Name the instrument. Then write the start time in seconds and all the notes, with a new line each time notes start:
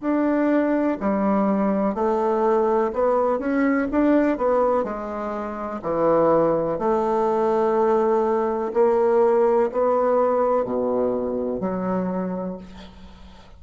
bassoon
0.00 D4
1.00 G3
1.94 A3
2.93 B3
3.39 C#4
3.91 D4
4.37 B3
4.83 G#3
5.82 E3
6.78 A3
8.73 A#3
9.71 B3
10.64 B2
11.60 F#3